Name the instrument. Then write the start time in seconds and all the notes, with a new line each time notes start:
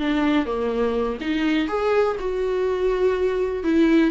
viola
0.00 D4
0.46 A#3
1.21 D#4
1.68 G#4
2.20 F#4
3.64 E4